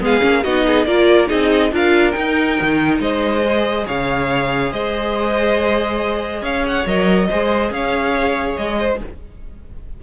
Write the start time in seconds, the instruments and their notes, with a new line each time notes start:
0.00 cello G#3, viola B3, violin G#4 F5
0.20 cello A#3, viola C#4
0.43 cello B3, viola D#4, violin F#4 D#5
0.66 violin G#4
0.85 cello A#3, viola F4, violin A#4 D5
1.27 cello C4, viola D#4, violin G#4 D#5
1.72 cello D4, viola F4, violin A#4 F5
2.11 viola D#4, cello D#4, violin G5
2.61 cello D#3
2.99 cello G#3, violin C5 D#5
3.43 viola G#4
3.86 cello C#3, violin C#5 F5
4.72 cello G#3, violin C5 D#5
6.42 cello C#4, violin C#5 F5
6.67 violin F#5
6.86 cello F#3, viola A#4, violin D#5
7.29 cello G#3, viola G#4, violin C5
7.70 cello C#4, violin C#5 F5
8.56 cello G#3, violin D#5
8.78 violin C5